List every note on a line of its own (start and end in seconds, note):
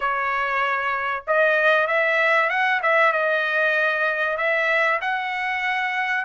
0.00 1.24 C#5
1.27 1.87 D#5
1.87 2.49 E5
2.49 2.80 F#5
2.82 3.12 E5
3.12 4.37 D#5
4.37 4.99 E5
5.01 6.24 F#5